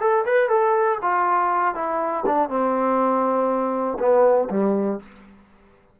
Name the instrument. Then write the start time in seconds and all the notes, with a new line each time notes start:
trombone
0.00 A4
0.26 B4
0.49 A4
1.02 F4
1.75 E4
2.26 D4
2.49 C4
3.99 B3
4.50 G3